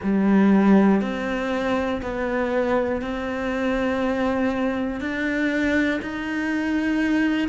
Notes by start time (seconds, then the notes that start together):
0.02 G3
1.00 C4
2.02 B3
3.01 C4
5.00 D4
6.02 D#4